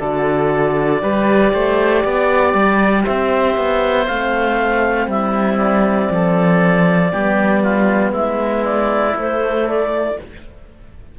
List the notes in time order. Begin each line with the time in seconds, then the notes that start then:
0.00 D3 F#4 A4 D5
1.02 G3 G4 B4
1.53 A3 C5
2.04 B3 D5
2.54 G3
3.04 C4 C5 E5
3.57 B3
4.07 A3 C4 F5
5.07 G3 E4 E5
5.58 D5
6.10 F3 A4
7.12 G3 B3 G4
7.64 F4
8.12 G#3 E4 E5
8.65 D5
9.16 A3 C5
9.68 D5